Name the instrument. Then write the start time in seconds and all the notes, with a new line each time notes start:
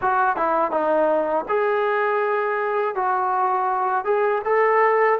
trombone
0.01 F#4
0.36 E4
0.71 D#4
1.48 G#4
2.95 F#4
4.04 G#4
4.44 A4